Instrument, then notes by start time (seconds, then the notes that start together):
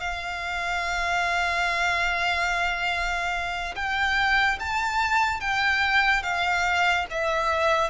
violin
0.00 F5
3.75 G5
4.60 A5
5.40 G5
6.23 F5
7.10 E5